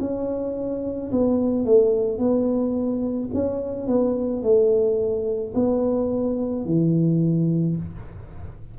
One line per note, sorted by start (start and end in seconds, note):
0.00 1.11 C#4
1.12 1.65 B3
1.65 2.19 A3
2.19 3.30 B3
3.34 3.87 C#4
3.87 4.43 B3
4.43 5.54 A3
5.55 6.66 B3
6.66 7.77 E3